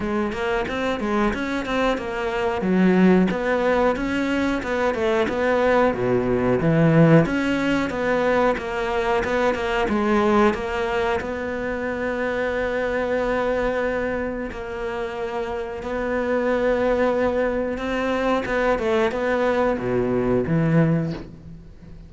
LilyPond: \new Staff \with { instrumentName = "cello" } { \time 4/4 \tempo 4 = 91 gis8 ais8 c'8 gis8 cis'8 c'8 ais4 | fis4 b4 cis'4 b8 a8 | b4 b,4 e4 cis'4 | b4 ais4 b8 ais8 gis4 |
ais4 b2.~ | b2 ais2 | b2. c'4 | b8 a8 b4 b,4 e4 | }